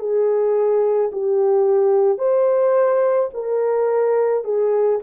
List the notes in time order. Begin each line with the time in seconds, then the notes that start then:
0.00 G#4
1.12 G4
2.19 C5
3.34 A#4
4.44 G#4